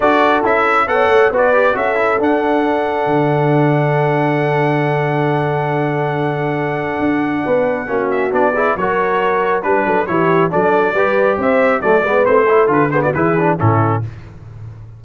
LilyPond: <<
  \new Staff \with { instrumentName = "trumpet" } { \time 4/4 \tempo 4 = 137 d''4 e''4 fis''4 d''4 | e''4 fis''2.~ | fis''1~ | fis''1~ |
fis''2~ fis''8 e''8 d''4 | cis''2 b'4 cis''4 | d''2 e''4 d''4 | c''4 b'8 c''16 d''16 b'4 a'4 | }
  \new Staff \with { instrumentName = "horn" } { \time 4/4 a'2 cis''4 b'4 | a'1~ | a'1~ | a'1~ |
a'4 b'4 fis'4. gis'8 | ais'2 b'8 a'8 g'4 | a'4 b'4 c''4 a'8 b'8~ | b'8 a'4 gis'16 fis'16 gis'4 e'4 | }
  \new Staff \with { instrumentName = "trombone" } { \time 4/4 fis'4 e'4 a'4 fis'8 g'8 | fis'8 e'8 d'2.~ | d'1~ | d'1~ |
d'2 cis'4 d'8 e'8 | fis'2 d'4 e'4 | d'4 g'2 a8 b8 | c'8 e'8 f'8 b8 e'8 d'8 cis'4 | }
  \new Staff \with { instrumentName = "tuba" } { \time 4/4 d'4 cis'4 b8 a8 b4 | cis'4 d'2 d4~ | d1~ | d1 |
d'4 b4 ais4 b4 | fis2 g8 fis8 e4 | fis4 g4 c'4 fis8 gis8 | a4 d4 e4 a,4 | }
>>